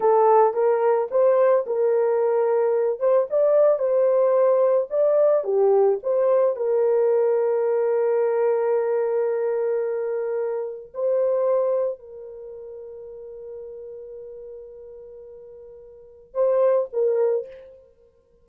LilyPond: \new Staff \with { instrumentName = "horn" } { \time 4/4 \tempo 4 = 110 a'4 ais'4 c''4 ais'4~ | ais'4. c''8 d''4 c''4~ | c''4 d''4 g'4 c''4 | ais'1~ |
ais'1 | c''2 ais'2~ | ais'1~ | ais'2 c''4 ais'4 | }